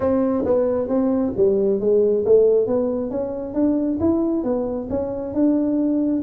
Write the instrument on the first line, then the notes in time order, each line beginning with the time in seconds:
tuba
0.00 C4
0.44 B3
0.88 C4
1.36 G3
1.80 G#3
2.25 A3
2.66 B3
3.10 C#4
3.53 D4
4.00 E4
4.43 B3
4.89 C#4
5.34 D4